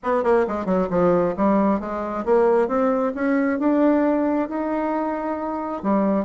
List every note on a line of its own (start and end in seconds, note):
0.03 0.23 B3
0.23 0.46 A#3
0.47 0.65 G#3
0.65 0.88 F#3
0.90 1.35 F3
1.36 1.80 G3
1.80 2.24 G#3
2.25 2.68 A#3
2.68 3.12 C4
3.14 3.59 C#4
3.59 4.48 D4
4.48 5.82 D#4
5.82 6.25 G3